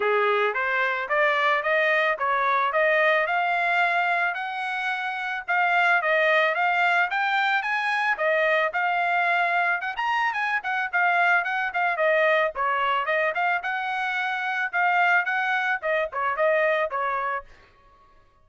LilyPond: \new Staff \with { instrumentName = "trumpet" } { \time 4/4 \tempo 4 = 110 gis'4 c''4 d''4 dis''4 | cis''4 dis''4 f''2 | fis''2 f''4 dis''4 | f''4 g''4 gis''4 dis''4 |
f''2 fis''16 ais''8. gis''8 fis''8 | f''4 fis''8 f''8 dis''4 cis''4 | dis''8 f''8 fis''2 f''4 | fis''4 dis''8 cis''8 dis''4 cis''4 | }